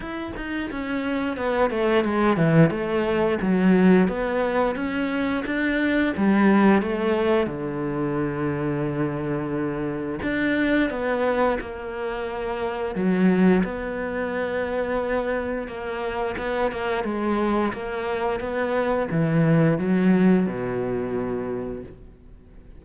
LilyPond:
\new Staff \with { instrumentName = "cello" } { \time 4/4 \tempo 4 = 88 e'8 dis'8 cis'4 b8 a8 gis8 e8 | a4 fis4 b4 cis'4 | d'4 g4 a4 d4~ | d2. d'4 |
b4 ais2 fis4 | b2. ais4 | b8 ais8 gis4 ais4 b4 | e4 fis4 b,2 | }